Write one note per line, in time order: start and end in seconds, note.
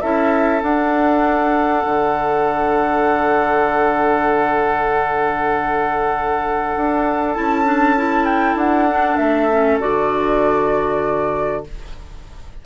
0.00 0.62 C#4
0.00 0.61 E4
0.00 11.64 A4
0.00 0.61 E5
0.61 7.34 D4
0.61 1.84 D4
0.61 7.34 F#5
1.85 6.75 D3
6.76 7.37 D4
7.34 8.55 C#4
7.34 7.64 E4
7.34 8.25 A5
7.64 7.95 D4
7.96 8.88 E4
8.25 8.55 G5
8.55 9.16 D4
8.55 9.16 F#5
8.89 9.50 D4
9.16 9.79 A3
9.16 9.78 E5
9.50 9.80 C#4
9.80 11.65 D3
9.80 11.63 F#4
9.80 11.63 D5